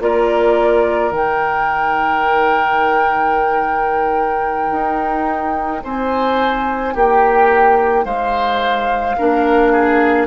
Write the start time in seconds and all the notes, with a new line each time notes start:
0.00 A#3 F4 A#4 D5
1.11 D#3 D#4 G5
4.71 D#4
5.83 C4 C5 G#5
6.94 A#3 G4 G5
8.04 G#3 C5 F5
9.18 A#3 D4 A#4
9.72 G#4